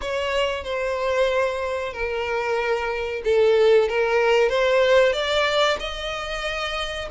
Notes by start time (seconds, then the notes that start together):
0.01 C#5
0.64 C5
1.93 A#4
3.24 A4
3.88 A#4
4.49 C5
5.12 D5
5.79 D#5